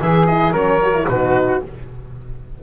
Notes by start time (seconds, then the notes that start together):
0.00 E3 G#4 E5
0.26 E4 D#5
0.51 F#3 C#4 A#4 C#5
0.82 F#4
0.94 E4
1.08 B2 D#4 F#4 B4